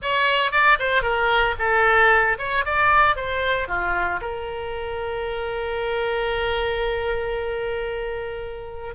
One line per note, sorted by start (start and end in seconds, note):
0.01 0.51 C#5
0.51 0.78 D5
0.79 1.02 C5
1.02 1.55 A#4
1.58 2.37 A4
2.38 2.65 C#5
2.65 3.16 D5
3.16 3.67 C5
3.67 4.20 F4
4.21 8.94 A#4